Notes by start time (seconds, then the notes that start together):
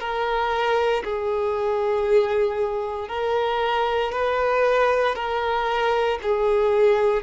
0.00 A#4
1.04 G#4
3.09 A#4
4.12 B4
5.16 A#4
6.23 G#4